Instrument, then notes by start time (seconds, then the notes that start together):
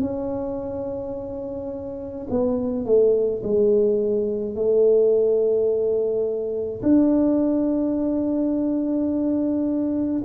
tuba
0.00 C#4
2.30 B3
2.85 A3
3.43 G#3
4.54 A3
6.82 D4